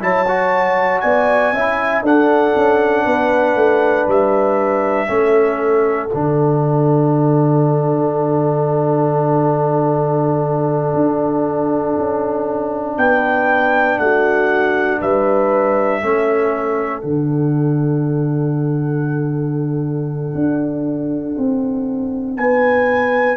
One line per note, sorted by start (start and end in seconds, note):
0.00 1.02 F#3
0.00 0.25 E4
0.00 1.03 C#5
0.00 1.00 A5
0.27 1.54 F#4
1.00 1.52 B3
1.00 1.53 D5
1.00 2.02 G#5
1.52 2.02 C#4
1.52 2.04 E4
1.52 2.03 E5
2.02 2.53 D4
2.02 5.07 D4
2.02 3.04 A4
2.02 4.09 F#5
2.56 3.06 C#4
3.04 3.55 B3
3.04 5.07 B4
3.55 4.06 A3
4.07 5.08 G3
4.07 6.07 E5
5.07 6.10 A3
5.07 6.09 C#4
5.07 12.97 A4
6.07 12.94 F#5
6.13 10.94 D3
6.13 16.02 D4
10.94 11.96 D4
11.97 12.97 C#4
12.97 13.99 B3
12.97 14.00 B4
12.97 13.99 G5
13.99 15.00 A3
13.99 15.00 F#4
13.99 15.00 F#5
15.00 16.02 G3
15.00 16.00 B4
15.00 17.01 E5
16.00 17.03 A3
16.00 17.02 C#4
16.00 22.36 A4
17.01 20.34 D3
17.01 23.36 D4
17.01 22.35 F#5
20.34 21.36 D4
21.37 22.36 C4
22.36 23.36 B3
22.36 23.36 B4
22.36 23.36 G#5